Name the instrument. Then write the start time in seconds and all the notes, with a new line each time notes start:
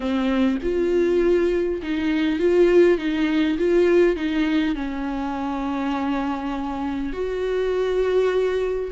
viola
0.00 C4
0.62 F4
1.82 D#4
2.39 F4
2.98 D#4
3.58 F4
4.16 D#4
4.75 C#4
7.12 F#4